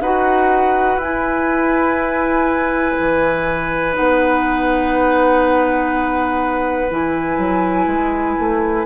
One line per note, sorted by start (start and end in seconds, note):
0.00 0.97 D#4
0.00 1.01 F#4
0.00 8.86 B4
0.00 0.99 F#5
0.97 2.94 E4
0.97 3.92 E4
0.97 3.95 G#5
2.99 3.97 E3
3.92 6.91 B3
3.92 6.87 D#4
3.92 6.91 F#5
6.90 7.37 E3
6.90 8.86 E4
6.90 8.86 G#5
7.37 7.86 F#3
7.86 8.35 G#3
8.39 8.86 A3